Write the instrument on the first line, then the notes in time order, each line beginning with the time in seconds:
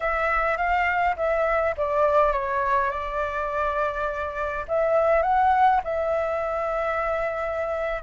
flute
0.00 E5
0.57 F5
1.16 E5
1.77 D5
2.32 C#5
2.90 D5
4.68 E5
5.22 F#5
5.84 E5